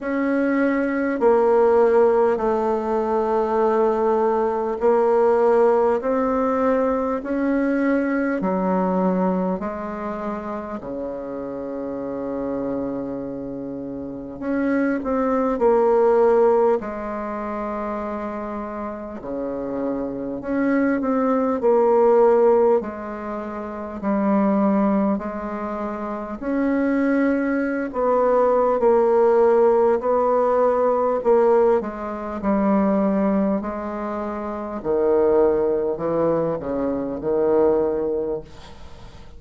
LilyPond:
\new Staff \with { instrumentName = "bassoon" } { \time 4/4 \tempo 4 = 50 cis'4 ais4 a2 | ais4 c'4 cis'4 fis4 | gis4 cis2. | cis'8 c'8 ais4 gis2 |
cis4 cis'8 c'8 ais4 gis4 | g4 gis4 cis'4~ cis'16 b8. | ais4 b4 ais8 gis8 g4 | gis4 dis4 e8 cis8 dis4 | }